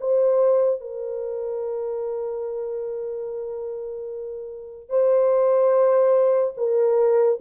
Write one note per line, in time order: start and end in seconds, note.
0.00 0.80 C5
0.80 4.89 A#4
4.89 6.53 C5
6.56 7.39 A#4